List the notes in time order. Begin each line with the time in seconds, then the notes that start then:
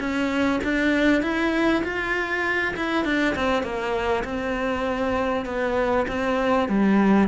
0.00 C#4
0.64 D4
1.22 E4
1.84 F4
2.76 E4
3.05 D4
3.36 C4
3.63 A#3
4.25 C4
5.46 B3
6.08 C4
6.69 G3